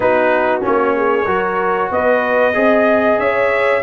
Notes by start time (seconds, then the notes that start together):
0.00 B3 D#4 F#4 B4
0.61 A#3 C#4 C#5
0.96 G#4
1.25 F#3 F#4 A#4
1.90 B3 B4 D#5
2.53 C4 G#4 D#5
3.18 C#4 C#5 E5